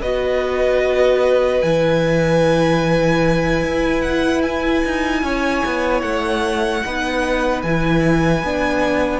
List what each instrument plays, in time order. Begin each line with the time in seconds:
0.00 cello B3, viola F#4, violin B4 D#5
1.62 cello E3, viola E4, violin G#5
3.63 cello E4
4.01 violin F#5
4.41 violin G#5
4.85 cello D#4
5.22 cello C#4, violin C#5
5.65 cello B3
6.01 cello A3, violin F#5
6.85 cello B3, viola D#4, violin B4
7.62 cello E3, viola E4, violin G#5
8.43 cello B3, viola D4